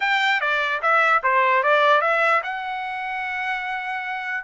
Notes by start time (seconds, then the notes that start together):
0.00 G5
0.41 D5
0.81 E5
1.23 C5
1.63 D5
2.01 E5
2.43 F#5